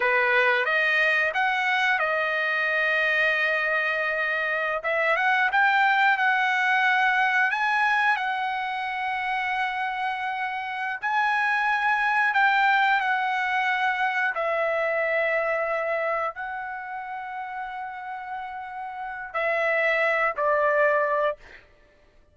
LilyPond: \new Staff \with { instrumentName = "trumpet" } { \time 4/4 \tempo 4 = 90 b'4 dis''4 fis''4 dis''4~ | dis''2.~ dis''16 e''8 fis''16~ | fis''16 g''4 fis''2 gis''8.~ | gis''16 fis''2.~ fis''8.~ |
fis''8 gis''2 g''4 fis''8~ | fis''4. e''2~ e''8~ | e''8 fis''2.~ fis''8~ | fis''4 e''4. d''4. | }